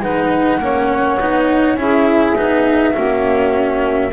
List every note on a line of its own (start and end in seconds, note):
0.00 0.59 G#3
0.00 0.62 D#4
0.00 0.61 B4
0.00 1.79 F#5
0.59 1.18 A#3
0.59 1.20 C#4
0.59 1.78 C#5
1.20 1.75 B3
1.20 1.78 D#4
1.75 2.34 C#4
1.75 2.36 E4
1.75 2.93 G#4
1.75 4.13 E5
2.36 2.96 B3
2.36 2.94 D#4
2.93 4.13 A#3
2.93 4.12 C#4
2.93 4.11 F#4